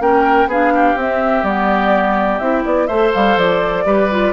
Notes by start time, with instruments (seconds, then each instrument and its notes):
0.00 bassoon A#3, clarinet C#4, oboe A#4, flute G5
0.46 bassoon B3, clarinet D4, oboe G#4, flute F5
0.74 oboe G4
0.96 bassoon C4, clarinet C4, flute E5
1.43 bassoon G3, clarinet B3, flute D5
2.39 bassoon C4, clarinet E4, flute E5
2.65 bassoon B3, flute D5
2.87 bassoon A3, clarinet A4, oboe C5, flute E5
3.14 bassoon G3, flute F5
3.37 bassoon F3, flute D5
3.85 bassoon G3, clarinet G4, oboe B4
4.11 clarinet F4